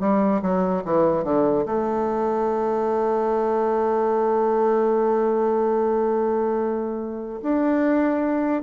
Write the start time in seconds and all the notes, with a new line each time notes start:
0.00 G3
0.42 F#3
0.84 E3
1.24 D3
1.66 A3
7.42 D4